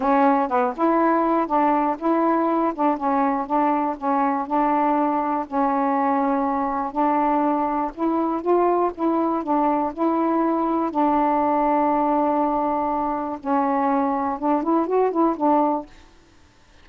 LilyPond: \new Staff \with { instrumentName = "saxophone" } { \time 4/4 \tempo 4 = 121 cis'4 b8 e'4. d'4 | e'4. d'8 cis'4 d'4 | cis'4 d'2 cis'4~ | cis'2 d'2 |
e'4 f'4 e'4 d'4 | e'2 d'2~ | d'2. cis'4~ | cis'4 d'8 e'8 fis'8 e'8 d'4 | }